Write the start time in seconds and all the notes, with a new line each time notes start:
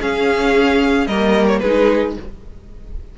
0.00 C#4 G#4 F5
1.07 G3 A#3 A#4 D#5
1.47 C#5
1.59 G#3 D#4 G#4 B4